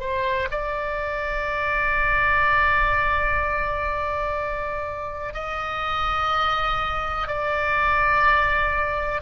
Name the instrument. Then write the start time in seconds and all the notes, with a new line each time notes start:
oboe
0.00 C5
0.51 D5
5.34 D#5
7.28 D5